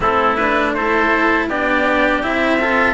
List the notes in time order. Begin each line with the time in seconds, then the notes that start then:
0.00 A3 C4 E4 A4
0.35 D4 B4
0.74 E4 A4 C5
1.48 B3 D4 G4 D5
2.22 C4 E4 E5
2.60 F4 A4